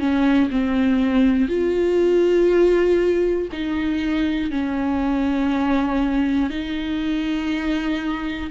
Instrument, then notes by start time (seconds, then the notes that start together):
viola
0.00 C#4
0.50 C4
1.49 F4
3.52 D#4
4.51 C#4
6.50 D#4